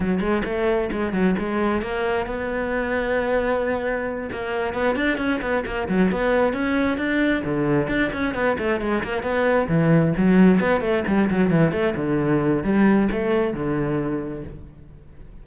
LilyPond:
\new Staff \with { instrumentName = "cello" } { \time 4/4 \tempo 4 = 133 fis8 gis8 a4 gis8 fis8 gis4 | ais4 b2.~ | b4. ais4 b8 d'8 cis'8 | b8 ais8 fis8 b4 cis'4 d'8~ |
d'8 d4 d'8 cis'8 b8 a8 gis8 | ais8 b4 e4 fis4 b8 | a8 g8 fis8 e8 a8 d4. | g4 a4 d2 | }